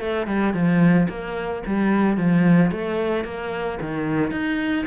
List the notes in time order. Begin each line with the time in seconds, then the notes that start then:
0.00 A3
0.27 G3
0.54 F3
1.09 A#3
1.67 G3
2.18 F3
2.71 A3
3.25 A#3
3.82 D#3
4.32 D#4